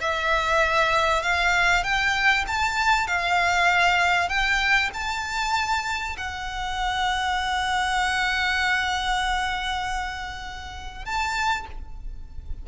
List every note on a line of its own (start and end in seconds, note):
0.00 1.22 E5
1.22 1.83 F5
1.83 2.44 G5
2.47 3.07 A5
3.07 4.29 F5
4.29 4.90 G5
4.93 6.16 A5
6.17 11.05 F#5
11.05 11.66 A5